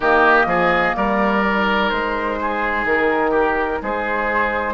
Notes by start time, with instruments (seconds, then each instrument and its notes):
0.00 bassoon D#3, clarinet A#3, oboe G4, flute D#5
0.45 bassoon F3, oboe G#4
0.96 bassoon G3, oboe A#4, flute D5
1.44 clarinet D#4
1.89 bassoon G#3, flute C5
2.40 oboe G#4
2.84 bassoon D#3, flute A#4
3.30 oboe G4
3.82 bassoon G#3, oboe G#4, flute C5